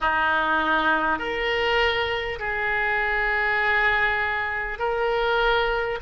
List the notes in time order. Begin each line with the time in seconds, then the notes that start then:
0.00 D#4
1.18 A#4
2.39 G#4
4.78 A#4